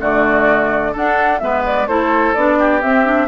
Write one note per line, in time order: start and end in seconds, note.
0.00 0.95 D3
0.00 0.94 A3
0.00 0.92 F#4
0.00 0.95 D5
0.92 1.41 D4
0.92 1.42 D4
0.92 1.39 A4
0.92 1.39 F#5
1.39 1.88 G#3
1.39 1.88 B3
1.39 1.88 B4
1.39 1.62 E5
1.66 1.88 D5
1.88 2.35 A3
1.88 2.35 E4
1.88 2.59 A4
1.88 2.34 C5
2.34 2.83 B3
2.34 2.82 D4
2.34 2.81 D5
2.59 3.28 G4
2.82 3.05 C4
2.82 3.28 C4
2.82 3.28 E5
3.05 3.28 D4